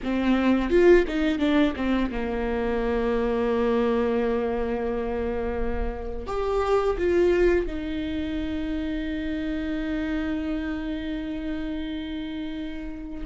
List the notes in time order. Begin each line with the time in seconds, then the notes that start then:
0.03 C4
0.69 F4
1.07 D#4
1.39 D4
1.76 C4
2.11 A#3
6.27 G4
6.98 F4
7.66 D#4